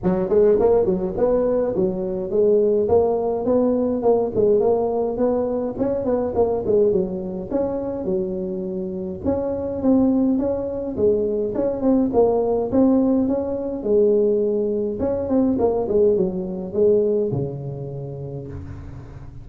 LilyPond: \new Staff \with { instrumentName = "tuba" } { \time 4/4 \tempo 4 = 104 fis8 gis8 ais8 fis8 b4 fis4 | gis4 ais4 b4 ais8 gis8 | ais4 b4 cis'8 b8 ais8 gis8 | fis4 cis'4 fis2 |
cis'4 c'4 cis'4 gis4 | cis'8 c'8 ais4 c'4 cis'4 | gis2 cis'8 c'8 ais8 gis8 | fis4 gis4 cis2 | }